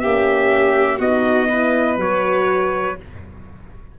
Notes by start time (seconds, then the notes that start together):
0.00 A#3 C#4 G4 E5
0.99 B3 D#4 F#4 D#5
1.49 E4 B4
1.98 F#3 F#4 C#5